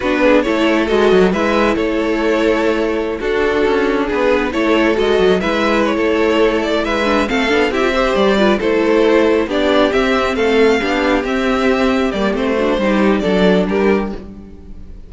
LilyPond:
<<
  \new Staff \with { instrumentName = "violin" } { \time 4/4 \tempo 4 = 136 b'4 cis''4 dis''4 e''4 | cis''2.~ cis''16 a'8.~ | a'4~ a'16 b'4 cis''4 dis''8.~ | dis''16 e''4 cis''4.~ cis''16 d''8 e''8~ |
e''8 f''4 e''4 d''4 c''8~ | c''4. d''4 e''4 f''8~ | f''4. e''2 d''8 | c''2 d''4 ais'4 | }
  \new Staff \with { instrumentName = "violin" } { \time 4/4 fis'8 gis'8 a'2 b'4 | a'2.~ a'16 fis'8.~ | fis'4~ fis'16 gis'4 a'4.~ a'16~ | a'16 b'4~ b'16 a'2 b'8~ |
b'8 a'4 g'8 c''4 b'8 a'8~ | a'4. g'2 a'8~ | a'8 g'2.~ g'8~ | g'8 fis'8 g'4 a'4 g'4 | }
  \new Staff \with { instrumentName = "viola" } { \time 4/4 d'4 e'4 fis'4 e'4~ | e'2.~ e'16 d'8.~ | d'2~ d'16 e'4 fis'8.~ | fis'16 e'2.~ e'8. |
d'8 c'8 d'8 e'16 f'16 g'4 f'8 e'8~ | e'4. d'4 c'4.~ | c'8 d'4 c'2 ais8 | c'8 d'8 dis'4 d'2 | }
  \new Staff \with { instrumentName = "cello" } { \time 4/4 b4 a4 gis8 fis8 gis4 | a2.~ a16 d'8.~ | d'16 cis'4 b4 a4 gis8 fis16~ | fis16 gis4~ gis16 a2 gis8~ |
gis8 a8 b8 c'4 g4 a8~ | a4. b4 c'4 a8~ | a8 b4 c'2 g8 | a4 g4 fis4 g4 | }
>>